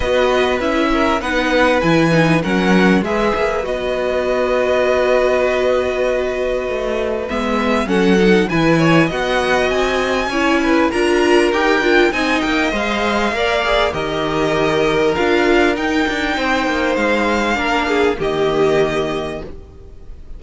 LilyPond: <<
  \new Staff \with { instrumentName = "violin" } { \time 4/4 \tempo 4 = 99 dis''4 e''4 fis''4 gis''4 | fis''4 e''4 dis''2~ | dis''1 | e''4 fis''4 gis''4 fis''4 |
gis''2 ais''4 g''4 | gis''8 g''8 f''2 dis''4~ | dis''4 f''4 g''2 | f''2 dis''2 | }
  \new Staff \with { instrumentName = "violin" } { \time 4/4 b'4. ais'8 b'2 | ais'4 b'2.~ | b'1~ | b'4 a'4 b'8 cis''8 dis''4~ |
dis''4 cis''8 b'8 ais'2 | dis''2 d''4 ais'4~ | ais'2. c''4~ | c''4 ais'8 gis'8 g'2 | }
  \new Staff \with { instrumentName = "viola" } { \time 4/4 fis'4 e'4 dis'4 e'8 dis'8 | cis'4 gis'4 fis'2~ | fis'1 | b4 cis'8 dis'8 e'4 fis'4~ |
fis'4 e'4 f'4 g'8 f'8 | dis'4 c''4 ais'8 gis'8 g'4~ | g'4 f'4 dis'2~ | dis'4 d'4 ais2 | }
  \new Staff \with { instrumentName = "cello" } { \time 4/4 b4 cis'4 b4 e4 | fis4 gis8 ais8 b2~ | b2. a4 | gis4 fis4 e4 b4 |
c'4 cis'4 d'4 dis'8 d'8 | c'8 ais8 gis4 ais4 dis4~ | dis4 d'4 dis'8 d'8 c'8 ais8 | gis4 ais4 dis2 | }
>>